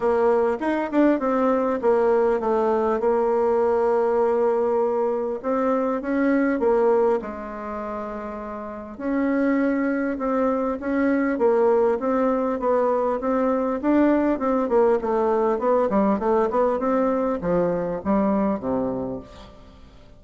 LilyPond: \new Staff \with { instrumentName = "bassoon" } { \time 4/4 \tempo 4 = 100 ais4 dis'8 d'8 c'4 ais4 | a4 ais2.~ | ais4 c'4 cis'4 ais4 | gis2. cis'4~ |
cis'4 c'4 cis'4 ais4 | c'4 b4 c'4 d'4 | c'8 ais8 a4 b8 g8 a8 b8 | c'4 f4 g4 c4 | }